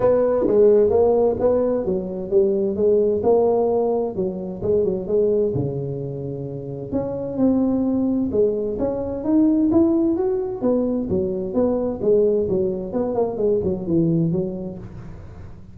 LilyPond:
\new Staff \with { instrumentName = "tuba" } { \time 4/4 \tempo 4 = 130 b4 gis4 ais4 b4 | fis4 g4 gis4 ais4~ | ais4 fis4 gis8 fis8 gis4 | cis2. cis'4 |
c'2 gis4 cis'4 | dis'4 e'4 fis'4 b4 | fis4 b4 gis4 fis4 | b8 ais8 gis8 fis8 e4 fis4 | }